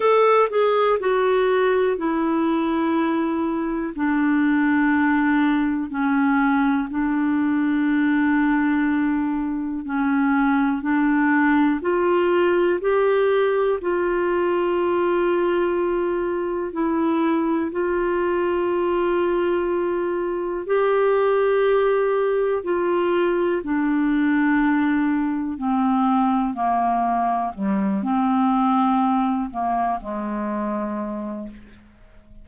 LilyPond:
\new Staff \with { instrumentName = "clarinet" } { \time 4/4 \tempo 4 = 61 a'8 gis'8 fis'4 e'2 | d'2 cis'4 d'4~ | d'2 cis'4 d'4 | f'4 g'4 f'2~ |
f'4 e'4 f'2~ | f'4 g'2 f'4 | d'2 c'4 ais4 | g8 c'4. ais8 gis4. | }